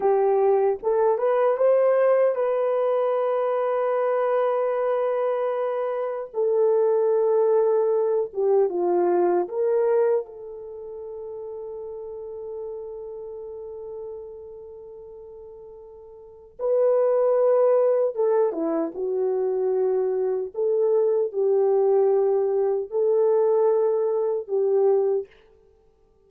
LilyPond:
\new Staff \with { instrumentName = "horn" } { \time 4/4 \tempo 4 = 76 g'4 a'8 b'8 c''4 b'4~ | b'1 | a'2~ a'8 g'8 f'4 | ais'4 a'2.~ |
a'1~ | a'4 b'2 a'8 e'8 | fis'2 a'4 g'4~ | g'4 a'2 g'4 | }